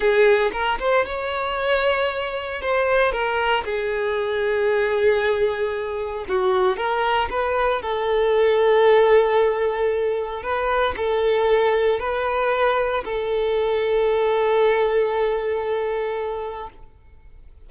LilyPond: \new Staff \with { instrumentName = "violin" } { \time 4/4 \tempo 4 = 115 gis'4 ais'8 c''8 cis''2~ | cis''4 c''4 ais'4 gis'4~ | gis'1 | fis'4 ais'4 b'4 a'4~ |
a'1 | b'4 a'2 b'4~ | b'4 a'2.~ | a'1 | }